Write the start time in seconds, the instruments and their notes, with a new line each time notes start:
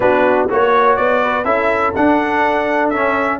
0.00 tuba B3, trombone D4, horn F#4, trumpet B4
0.49 tuba A#3, trombone F#4, horn C#5, trumpet C#5
0.96 tuba B3, trumpet D5
1.22 horn B4
1.44 tuba C#4, trombone E4, horn A4, trumpet E5
1.95 tuba D4, trombone D4, trumpet F#5
2.89 tuba C#4, trombone C#4, trumpet E5